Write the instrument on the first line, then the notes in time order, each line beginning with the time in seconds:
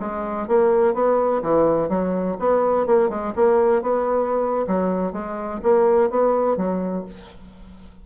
bassoon
0.00 G#3
0.48 A#3
0.94 B3
1.43 E3
1.89 F#3
2.39 B3
2.87 A#3
3.09 G#3
3.36 A#3
3.82 B3
4.68 F#3
5.13 G#3
5.63 A#3
6.10 B3
6.57 F#3